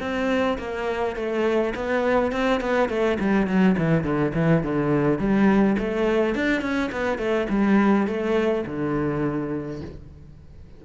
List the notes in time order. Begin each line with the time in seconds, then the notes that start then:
0.00 C4
0.58 A#3
1.16 A3
1.75 B3
2.32 C4
2.60 B3
2.89 A3
3.19 G3
3.47 F#3
3.78 E3
4.03 D3
4.34 E3
4.63 D3
5.18 G3
5.78 A3
6.35 D4
6.61 C#4
6.91 B3
7.18 A3
7.49 G3
8.07 A3
8.66 D3